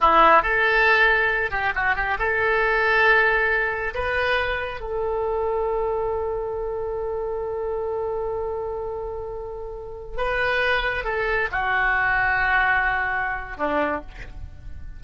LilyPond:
\new Staff \with { instrumentName = "oboe" } { \time 4/4 \tempo 4 = 137 e'4 a'2~ a'8 g'8 | fis'8 g'8 a'2.~ | a'4 b'2 a'4~ | a'1~ |
a'1~ | a'2.~ a'16 b'8.~ | b'4~ b'16 a'4 fis'4.~ fis'16~ | fis'2. d'4 | }